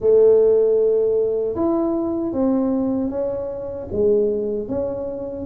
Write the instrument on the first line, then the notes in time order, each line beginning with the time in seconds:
tuba
0.00 A3
1.55 E4
2.32 C4
3.10 C#4
3.92 G#3
4.68 C#4